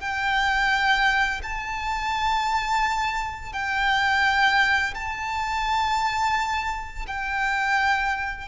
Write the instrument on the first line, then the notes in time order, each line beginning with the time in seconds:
violin
0.00 G5
1.43 A5
3.53 G5
4.94 A5
7.07 G5